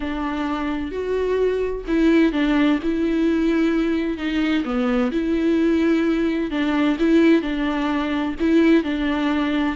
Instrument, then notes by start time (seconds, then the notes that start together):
viola
0.00 D4
0.91 F#4
1.87 E4
2.32 D4
2.82 E4
4.17 D#4
4.64 B3
5.11 E4
6.51 D4
6.99 E4
7.42 D4
8.40 E4
8.83 D4